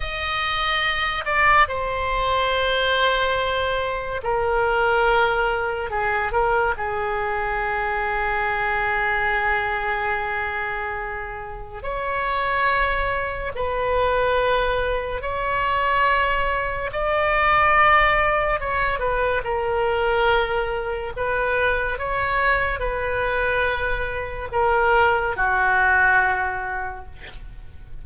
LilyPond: \new Staff \with { instrumentName = "oboe" } { \time 4/4 \tempo 4 = 71 dis''4. d''8 c''2~ | c''4 ais'2 gis'8 ais'8 | gis'1~ | gis'2 cis''2 |
b'2 cis''2 | d''2 cis''8 b'8 ais'4~ | ais'4 b'4 cis''4 b'4~ | b'4 ais'4 fis'2 | }